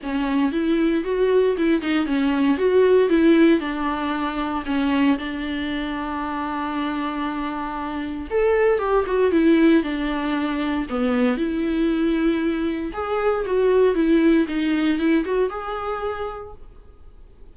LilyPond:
\new Staff \with { instrumentName = "viola" } { \time 4/4 \tempo 4 = 116 cis'4 e'4 fis'4 e'8 dis'8 | cis'4 fis'4 e'4 d'4~ | d'4 cis'4 d'2~ | d'1 |
a'4 g'8 fis'8 e'4 d'4~ | d'4 b4 e'2~ | e'4 gis'4 fis'4 e'4 | dis'4 e'8 fis'8 gis'2 | }